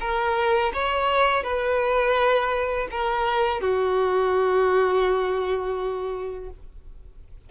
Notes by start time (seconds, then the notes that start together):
0.00 A#4
0.74 C#5
1.43 B4
2.91 A#4
3.61 F#4